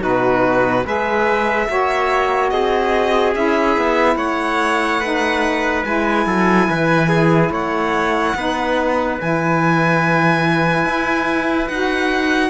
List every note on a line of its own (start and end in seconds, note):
0.00 0.85 B2
0.00 0.83 D#4
0.00 0.85 F#4
0.00 0.86 B4
0.85 1.68 G#3
0.85 1.67 G#4
0.85 1.68 B4
0.85 2.50 E5
1.67 2.52 A#3
1.67 3.34 F#4
1.67 2.52 C#5
2.50 3.35 C4
2.50 4.17 G#4
2.50 3.33 D#5
3.34 3.77 C#4
3.34 5.01 E4
3.34 4.17 E5
3.77 4.16 B3
4.16 5.82 A3
4.16 5.00 C#5
4.16 5.84 F#5
5.00 5.85 D#4
5.00 6.25 B4
5.85 6.26 G#3
5.85 8.35 E4
5.85 7.51 G#5
6.26 6.68 F#3
6.26 6.68 A4
6.69 7.50 E3
6.69 7.09 B4
7.09 7.50 G#4
7.50 8.33 A3
7.50 8.35 C#5
7.50 9.20 F#5
8.35 9.18 B3
8.35 9.19 D#4
8.35 12.50 B4
9.20 10.85 E3
9.20 11.70 E4
9.20 11.68 G#5
10.85 11.68 E4
11.68 12.50 D#4
11.68 12.50 F#4
11.68 12.50 F#5